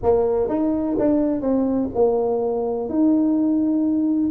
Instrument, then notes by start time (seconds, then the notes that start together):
tuba
0.02 A#3
0.48 D#4
0.99 D4
1.41 C4
1.94 A#3
2.89 D#4